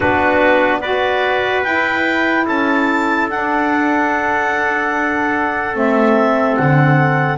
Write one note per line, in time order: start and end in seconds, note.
0.00 1.64 B3
0.00 0.82 D4
0.00 0.78 F#4
0.00 0.80 B4
0.80 1.64 F#4
0.80 2.45 B4
0.80 1.62 D5
1.63 3.28 E4
1.63 2.46 E4
1.63 2.45 G5
2.46 3.28 C#4
2.46 7.38 A4
2.46 3.28 A5
3.28 5.74 D4
3.28 5.73 D4
3.28 5.76 F#5
5.73 6.57 A3
5.73 7.37 C4
5.73 6.55 E5
6.55 7.38 D3
6.55 7.38 F#5